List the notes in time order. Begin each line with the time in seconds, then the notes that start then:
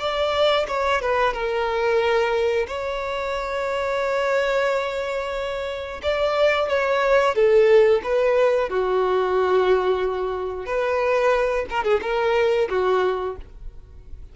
0.00 D5
0.68 C#5
1.02 B4
1.34 A#4
2.68 C#5
6.03 D5
6.69 C#5
7.35 A4
8.04 B4
8.70 F#4
10.66 B4
11.70 A#4
11.84 G#4
12.02 A#4
12.70 F#4